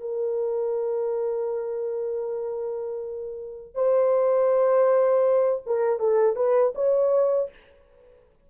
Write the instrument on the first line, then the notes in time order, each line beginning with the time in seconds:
horn
0.00 A#4
3.74 C5
5.66 A#4
5.99 A4
6.35 B4
6.75 C#5